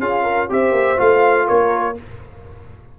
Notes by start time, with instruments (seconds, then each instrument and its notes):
0.00 tuba C#4, trombone F4, horn G#4, trumpet F5
0.23 horn A#4
0.49 tuba C4, trombone G4, horn C5, trumpet E5
0.72 tuba A#3
0.97 tuba A3, trombone F4, trumpet F5
1.47 tuba A#3, horn A#4, trumpet C#5